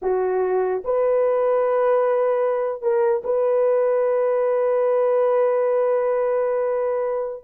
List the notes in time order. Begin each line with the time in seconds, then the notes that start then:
0.02 F#4
0.84 B4
2.82 A#4
3.24 B4